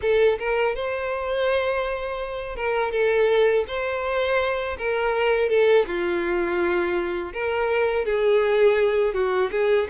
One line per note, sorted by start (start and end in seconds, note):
0.01 0.38 A4
0.38 0.75 A#4
0.75 2.56 C5
2.56 2.91 A#4
2.91 3.64 A4
3.67 4.77 C5
4.78 5.49 A#4
5.49 5.85 A4
5.86 7.32 F4
7.33 8.05 A#4
8.05 9.14 G#4
9.14 9.50 F#4
9.51 9.87 G#4